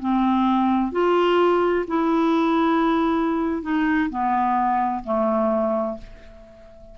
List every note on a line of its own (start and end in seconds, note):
0.00 0.92 C4
0.92 1.86 F4
1.87 3.63 E4
3.63 4.10 D#4
4.10 5.04 B3
5.04 5.98 A3